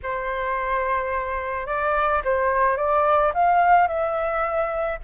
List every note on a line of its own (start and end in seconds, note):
0.03 1.66 C5
1.66 2.22 D5
2.24 2.76 C5
2.76 3.32 D5
3.34 3.87 F5
3.87 4.98 E5